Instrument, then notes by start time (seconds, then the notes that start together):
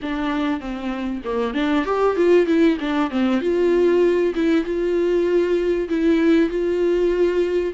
viola
0.02 D4
0.60 C4
1.24 A#3
1.54 D4
1.85 G4
2.16 F4
2.46 E4
2.79 D4
3.10 C4
3.40 F4
4.34 E4
4.64 F4
5.88 E4
6.49 F4